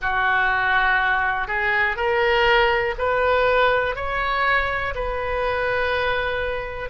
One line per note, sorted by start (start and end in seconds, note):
0.01 1.47 F#4
1.47 1.96 G#4
1.96 2.94 A#4
2.98 3.95 B4
3.95 4.94 C#5
4.94 6.89 B4